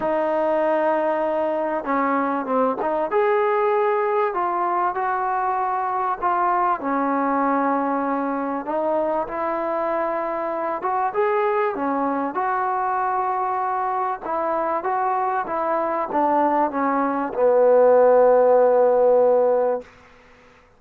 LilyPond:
\new Staff \with { instrumentName = "trombone" } { \time 4/4 \tempo 4 = 97 dis'2. cis'4 | c'8 dis'8 gis'2 f'4 | fis'2 f'4 cis'4~ | cis'2 dis'4 e'4~ |
e'4. fis'8 gis'4 cis'4 | fis'2. e'4 | fis'4 e'4 d'4 cis'4 | b1 | }